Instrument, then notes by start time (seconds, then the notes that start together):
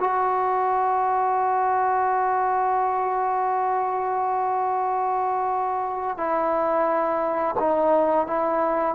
trombone
0.00 F#4
6.18 E4
7.60 D#4
8.27 E4